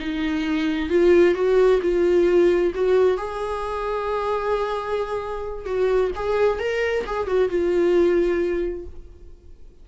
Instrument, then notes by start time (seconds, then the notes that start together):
viola
0.00 D#4
0.90 F4
1.35 F#4
1.82 F4
2.75 F#4
3.18 G#4
5.66 F#4
6.16 G#4
6.59 A#4
7.07 G#4
7.27 F#4
7.49 F4